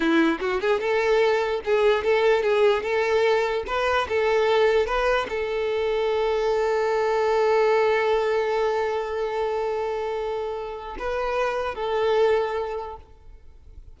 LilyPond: \new Staff \with { instrumentName = "violin" } { \time 4/4 \tempo 4 = 148 e'4 fis'8 gis'8 a'2 | gis'4 a'4 gis'4 a'4~ | a'4 b'4 a'2 | b'4 a'2.~ |
a'1~ | a'1~ | a'2. b'4~ | b'4 a'2. | }